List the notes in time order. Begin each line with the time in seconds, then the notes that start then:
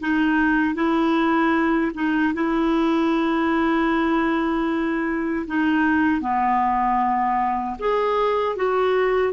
0.00 D#4
0.74 E4
1.94 D#4
2.34 E4
5.47 D#4
6.21 B3
7.79 G#4
8.56 F#4